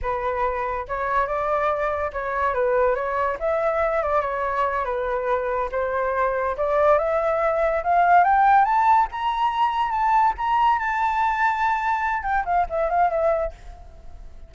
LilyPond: \new Staff \with { instrumentName = "flute" } { \time 4/4 \tempo 4 = 142 b'2 cis''4 d''4~ | d''4 cis''4 b'4 cis''4 | e''4. d''8 cis''4. b'8~ | b'4. c''2 d''8~ |
d''8 e''2 f''4 g''8~ | g''8 a''4 ais''2 a''8~ | a''8 ais''4 a''2~ a''8~ | a''4 g''8 f''8 e''8 f''8 e''4 | }